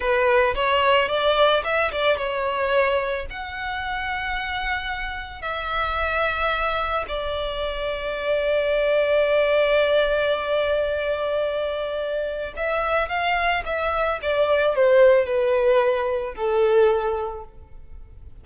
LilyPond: \new Staff \with { instrumentName = "violin" } { \time 4/4 \tempo 4 = 110 b'4 cis''4 d''4 e''8 d''8 | cis''2 fis''2~ | fis''2 e''2~ | e''4 d''2.~ |
d''1~ | d''2. e''4 | f''4 e''4 d''4 c''4 | b'2 a'2 | }